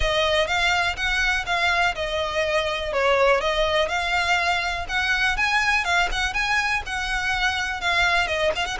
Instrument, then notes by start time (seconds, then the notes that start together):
violin
0.00 D#5
0.47 F5
0.96 F#5
1.45 F5
1.95 D#5
2.92 C#5
3.41 D#5
3.88 F5
4.88 F#5
5.37 G#5
5.84 F5
6.11 F#5
6.33 G#5
6.85 F#5
7.80 F5
8.27 D#5
8.55 F5
8.65 F#5